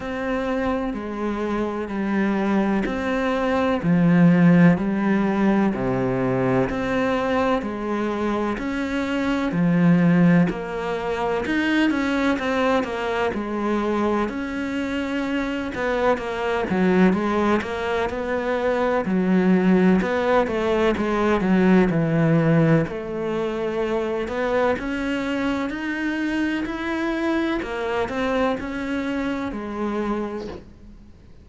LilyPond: \new Staff \with { instrumentName = "cello" } { \time 4/4 \tempo 4 = 63 c'4 gis4 g4 c'4 | f4 g4 c4 c'4 | gis4 cis'4 f4 ais4 | dis'8 cis'8 c'8 ais8 gis4 cis'4~ |
cis'8 b8 ais8 fis8 gis8 ais8 b4 | fis4 b8 a8 gis8 fis8 e4 | a4. b8 cis'4 dis'4 | e'4 ais8 c'8 cis'4 gis4 | }